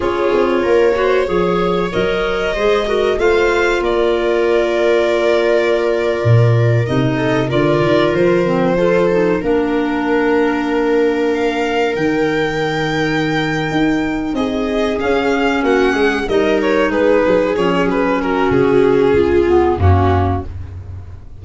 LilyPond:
<<
  \new Staff \with { instrumentName = "violin" } { \time 4/4 \tempo 4 = 94 cis''2. dis''4~ | dis''4 f''4 d''2~ | d''2~ d''8. dis''4 d''16~ | d''8. c''2 ais'4~ ais'16~ |
ais'4.~ ais'16 f''4 g''4~ g''16~ | g''2~ g''8 dis''4 f''8~ | f''8 fis''4 dis''8 cis''8 b'4 cis''8 | b'8 ais'8 gis'2 fis'4 | }
  \new Staff \with { instrumentName = "viola" } { \time 4/4 gis'4 ais'8 c''8 cis''2 | c''8 ais'8 c''4 ais'2~ | ais'2.~ ais'16 a'8 ais'16~ | ais'4.~ ais'16 a'4 ais'4~ ais'16~ |
ais'1~ | ais'2~ ais'8 gis'4.~ | gis'8 fis'8 gis'8 ais'4 gis'4.~ | gis'8 fis'4. f'4 cis'4 | }
  \new Staff \with { instrumentName = "clarinet" } { \time 4/4 f'4. fis'8 gis'4 ais'4 | gis'8 fis'8 f'2.~ | f'2~ f'8. dis'4 f'16~ | f'4~ f'16 c'8 f'8 dis'8 d'4~ d'16~ |
d'2~ d'8. dis'4~ dis'16~ | dis'2.~ dis'8 cis'8~ | cis'4. dis'2 cis'8~ | cis'2~ cis'8 b8 ais4 | }
  \new Staff \with { instrumentName = "tuba" } { \time 4/4 cis'8 c'8 ais4 f4 fis4 | gis4 a4 ais2~ | ais4.~ ais16 ais,4 c4 d16~ | d16 dis8 f2 ais4~ ais16~ |
ais2~ ais8. dis4~ dis16~ | dis4. dis'4 c'4 cis'8~ | cis'8 ais8 gis8 g4 gis8 fis8 f8 | fis4 cis4 cis,4 fis,4 | }
>>